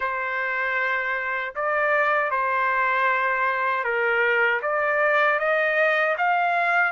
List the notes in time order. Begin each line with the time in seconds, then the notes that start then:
0.00 C5
1.55 D5
2.30 C5
3.84 A#4
4.62 D5
5.39 D#5
6.17 F5